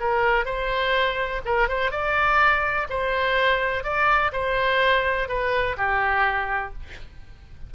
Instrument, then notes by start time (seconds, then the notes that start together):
oboe
0.00 A#4
0.45 C5
1.45 A#4
1.68 C5
1.91 D5
2.90 C5
3.84 D5
4.32 C5
5.28 B4
5.77 G4